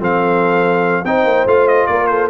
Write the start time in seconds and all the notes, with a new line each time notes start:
0.00 F3 C4 A4 F5
1.04 C4 D#4 C5 G5
1.25 A#3
1.46 A3 F4 F5
1.68 D#5
1.87 A#3 A#4 D5
2.07 A4 C5